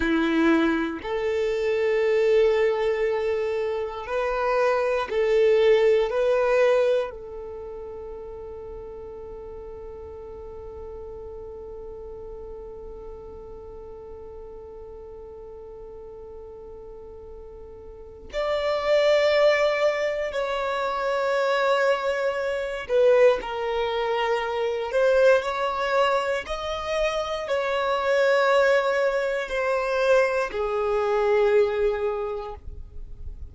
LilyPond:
\new Staff \with { instrumentName = "violin" } { \time 4/4 \tempo 4 = 59 e'4 a'2. | b'4 a'4 b'4 a'4~ | a'1~ | a'1~ |
a'2 d''2 | cis''2~ cis''8 b'8 ais'4~ | ais'8 c''8 cis''4 dis''4 cis''4~ | cis''4 c''4 gis'2 | }